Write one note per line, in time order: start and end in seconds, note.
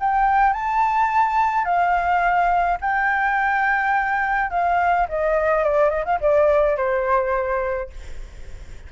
0.00 0.53 G5
0.53 1.64 A5
1.64 2.78 F5
2.80 4.50 G5
4.50 5.07 F5
5.09 5.63 D#5
5.63 5.90 D5
5.90 6.04 D#5
6.05 6.19 F5
6.20 6.77 D5
6.77 7.90 C5